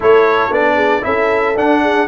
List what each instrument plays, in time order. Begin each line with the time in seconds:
0.00 tuba A3, trombone E4, horn A4, trumpet C#5
0.50 tuba B3, trombone D4, trumpet D5
0.75 horn G#4
1.02 tuba C#4, trombone E4, horn A4, trumpet E5
1.55 tuba D4, trombone D4, trumpet F#5
1.82 horn G#4